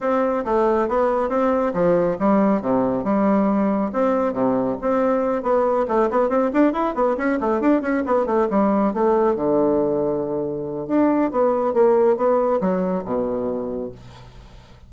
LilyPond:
\new Staff \with { instrumentName = "bassoon" } { \time 4/4 \tempo 4 = 138 c'4 a4 b4 c'4 | f4 g4 c4 g4~ | g4 c'4 c4 c'4~ | c'8 b4 a8 b8 c'8 d'8 e'8 |
b8 cis'8 a8 d'8 cis'8 b8 a8 g8~ | g8 a4 d2~ d8~ | d4 d'4 b4 ais4 | b4 fis4 b,2 | }